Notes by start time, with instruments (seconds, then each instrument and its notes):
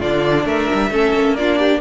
0.00 cello D3, viola D4, violin F4 D5
0.45 cello A3, violin A#4 E5
0.73 cello G3
0.90 cello A3, viola C#4, violin A4
1.14 cello A#3
1.36 viola D4, violin F4 D5
1.59 violin G4